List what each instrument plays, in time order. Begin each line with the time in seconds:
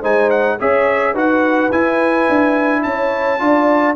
0.00 tuba G#3, trombone D#4, horn C5, trumpet G#5
0.30 trumpet F#5
0.59 tuba C#4, trombone G#4, horn C#5, trumpet E5
1.12 tuba D#4, trombone F#4, horn B4, trumpet F#5
1.71 trombone E4, tuba E4, trumpet G#5
2.29 tuba D4
2.83 tuba C#4, horn C#5, trumpet A5
3.39 tuba D4, trombone F4, horn D5